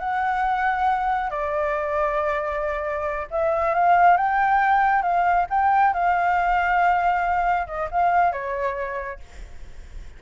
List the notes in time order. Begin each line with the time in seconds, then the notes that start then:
0.00 F#5
1.31 D5
3.31 E5
3.75 F5
4.18 G5
5.03 F5
5.50 G5
5.94 F5
7.67 D#5
7.92 F5
8.33 C#5